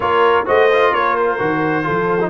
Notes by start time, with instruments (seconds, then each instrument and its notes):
0.00 tuba A#3, trombone F4, horn A#4, trumpet C#5
0.45 tuba A3, trombone F#4, horn C5, trumpet D#5
0.73 trombone F4
0.91 tuba A#3, horn A#4, trumpet C#5
1.15 trumpet C5
1.38 tuba D#3, trombone F#4
1.83 tuba F3, trombone F4, horn A4
2.20 trombone D#4